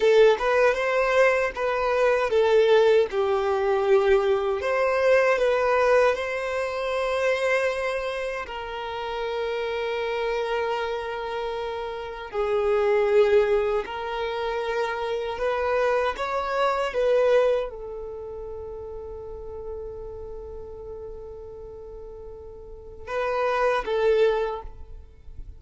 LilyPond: \new Staff \with { instrumentName = "violin" } { \time 4/4 \tempo 4 = 78 a'8 b'8 c''4 b'4 a'4 | g'2 c''4 b'4 | c''2. ais'4~ | ais'1 |
gis'2 ais'2 | b'4 cis''4 b'4 a'4~ | a'1~ | a'2 b'4 a'4 | }